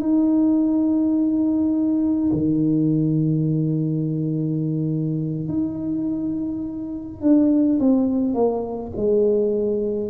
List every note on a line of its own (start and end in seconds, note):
0.00 2.31 D#4
2.32 5.49 D#3
5.49 7.21 D#4
7.21 7.79 D4
7.80 8.34 C4
8.34 8.92 A#3
8.96 10.10 G#3